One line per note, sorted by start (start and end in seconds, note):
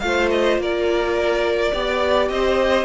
0.00 0.58 A3
0.00 1.72 F4
0.00 0.62 C5
0.00 0.29 F5
0.30 0.58 D#5
0.58 1.72 A#3
0.58 1.72 A#4
0.58 2.29 D5
1.72 2.29 B3
1.72 2.85 G4
1.72 2.29 D5
2.29 2.85 C4
2.29 2.85 C5
2.29 2.85 D#5